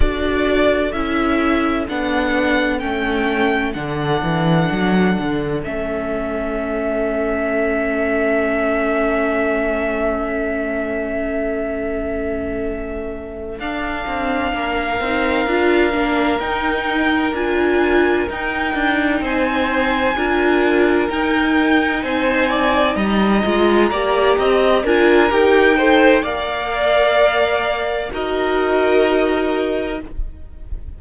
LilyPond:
<<
  \new Staff \with { instrumentName = "violin" } { \time 4/4 \tempo 4 = 64 d''4 e''4 fis''4 g''4 | fis''2 e''2~ | e''1~ | e''2~ e''8 f''4.~ |
f''4. g''4 gis''4 g''8~ | g''8 gis''2 g''4 gis''8~ | gis''8 ais''2 gis''8 g''4 | f''2 dis''2 | }
  \new Staff \with { instrumentName = "violin" } { \time 4/4 a'1~ | a'1~ | a'1~ | a'2.~ a'8 ais'8~ |
ais'1~ | ais'8 c''4 ais'2 c''8 | d''8 dis''4 d''8 dis''8 ais'4 c''8 | d''2 ais'2 | }
  \new Staff \with { instrumentName = "viola" } { \time 4/4 fis'4 e'4 d'4 cis'4 | d'2 cis'2~ | cis'1~ | cis'2~ cis'8 d'4. |
dis'8 f'8 d'8 dis'4 f'4 dis'8~ | dis'4. f'4 dis'4.~ | dis'4 f'8 g'4 f'8 g'8 a'8 | ais'2 fis'2 | }
  \new Staff \with { instrumentName = "cello" } { \time 4/4 d'4 cis'4 b4 a4 | d8 e8 fis8 d8 a2~ | a1~ | a2~ a8 d'8 c'8 ais8 |
c'8 d'8 ais8 dis'4 d'4 dis'8 | d'8 c'4 d'4 dis'4 c'8~ | c'8 g8 gis8 ais8 c'8 d'8 dis'4 | ais2 dis'2 | }
>>